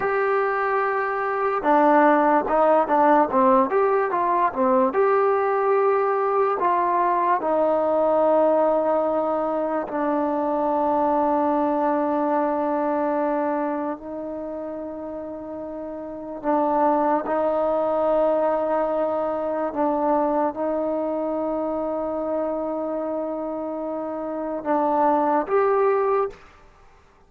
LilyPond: \new Staff \with { instrumentName = "trombone" } { \time 4/4 \tempo 4 = 73 g'2 d'4 dis'8 d'8 | c'8 g'8 f'8 c'8 g'2 | f'4 dis'2. | d'1~ |
d'4 dis'2. | d'4 dis'2. | d'4 dis'2.~ | dis'2 d'4 g'4 | }